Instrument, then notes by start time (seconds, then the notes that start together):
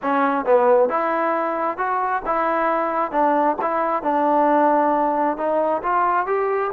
trombone
0.02 C#4
0.45 B3
0.89 E4
1.77 F#4
2.25 E4
3.11 D4
3.61 E4
4.02 D4
5.37 D#4
5.82 F4
6.26 G4